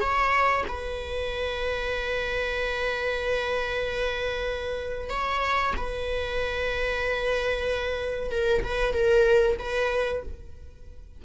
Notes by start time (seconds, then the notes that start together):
0.00 C#5
0.68 B4
5.09 C#5
5.77 B4
8.31 A#4
8.64 B4
8.93 A#4
9.59 B4